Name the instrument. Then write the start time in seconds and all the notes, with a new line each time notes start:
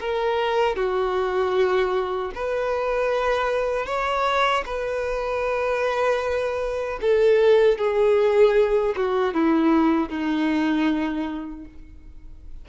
violin
0.00 A#4
0.76 F#4
2.35 B4
3.86 C#5
4.66 B4
7.01 A4
7.78 G#4
8.96 F#4
9.34 E4
10.09 D#4